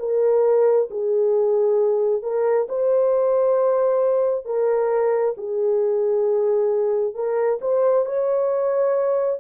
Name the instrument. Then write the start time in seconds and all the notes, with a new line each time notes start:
horn
0.00 A#4
0.91 G#4
2.23 A#4
2.69 C5
4.46 A#4
5.38 G#4
7.15 A#4
7.62 C5
8.06 C#5